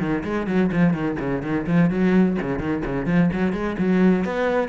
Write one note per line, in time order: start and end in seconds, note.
0.00 0.24 D#3
0.25 0.47 G#3
0.47 0.71 F#3
0.72 0.94 F3
0.94 1.18 D#3
1.20 1.43 C#3
1.43 1.66 D#3
1.67 1.90 F3
1.90 2.38 F#3
2.42 2.60 C#3
2.60 2.83 D#3
2.86 3.07 C#3
3.07 3.30 F3
3.33 3.53 F#3
3.53 3.77 G#3
3.79 4.25 F#3
4.25 4.69 B3